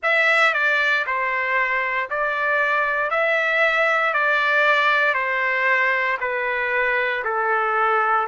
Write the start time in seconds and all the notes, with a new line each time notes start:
0.02 E5
0.53 D5
1.06 C5
2.09 D5
3.10 E5
4.13 D5
5.14 C5
6.20 B4
7.24 A4